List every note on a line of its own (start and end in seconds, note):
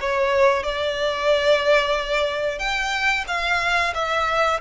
0.00 0.63 C#5
0.63 2.58 D5
2.58 3.24 G5
3.27 3.93 F5
3.94 4.60 E5